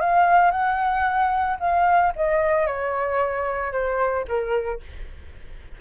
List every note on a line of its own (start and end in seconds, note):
0.00 0.51 F5
0.51 1.57 F#5
1.60 2.13 F5
2.16 2.67 D#5
2.67 3.72 C#5
3.72 4.25 C5
4.27 4.81 A#4